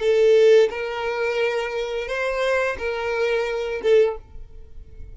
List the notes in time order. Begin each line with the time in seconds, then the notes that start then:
0.00 A4
0.70 A#4
2.08 C5
2.78 A#4
3.82 A4